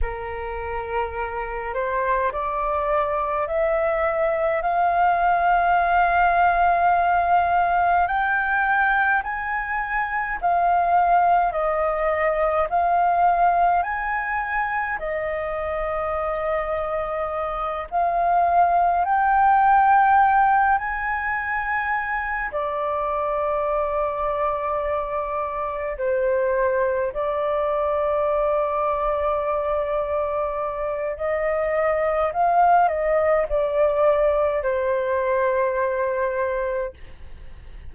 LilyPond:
\new Staff \with { instrumentName = "flute" } { \time 4/4 \tempo 4 = 52 ais'4. c''8 d''4 e''4 | f''2. g''4 | gis''4 f''4 dis''4 f''4 | gis''4 dis''2~ dis''8 f''8~ |
f''8 g''4. gis''4. d''8~ | d''2~ d''8 c''4 d''8~ | d''2. dis''4 | f''8 dis''8 d''4 c''2 | }